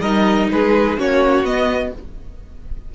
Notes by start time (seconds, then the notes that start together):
0.00 G3 D#4 A#4 D#5
0.51 G#3 G#4 B4
0.97 A#3 C#4 F#4 C#5
1.43 B3 D#5